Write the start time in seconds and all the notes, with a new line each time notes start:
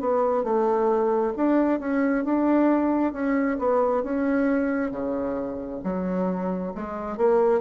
0.00 B3
0.44 A3
1.36 D4
1.80 C#4
2.24 D4
3.13 C#4
3.59 B3
4.03 C#4
4.91 C#3
5.83 F#3
6.74 G#3
7.17 A#3